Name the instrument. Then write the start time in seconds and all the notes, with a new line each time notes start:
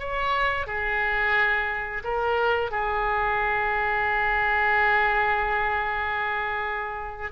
oboe
0.00 C#5
0.67 G#4
2.04 A#4
2.71 G#4